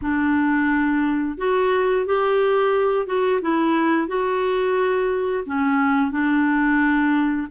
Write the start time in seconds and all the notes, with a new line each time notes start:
0.01 D4
1.37 F#4
2.06 G4
3.06 F#4
3.41 E4
4.07 F#4
5.45 C#4
6.11 D4